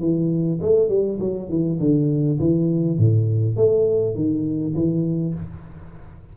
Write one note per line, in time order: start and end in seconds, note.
0.00 0.59 E3
0.61 0.89 A3
0.89 1.18 G3
1.19 1.49 F#3
1.49 1.79 E3
1.79 2.39 D3
2.39 2.98 E3
2.98 3.56 A2
3.56 4.15 A3
4.15 4.74 D#3
4.74 5.34 E3